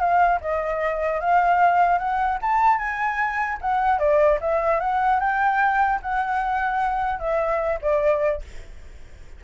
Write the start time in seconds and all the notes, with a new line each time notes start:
0.00 F5
0.41 D#5
1.20 F5
1.98 F#5
2.41 A5
2.78 G#5
3.61 F#5
3.99 D5
4.41 E5
4.80 F#5
5.20 G5
6.02 F#5
7.19 E5
7.81 D5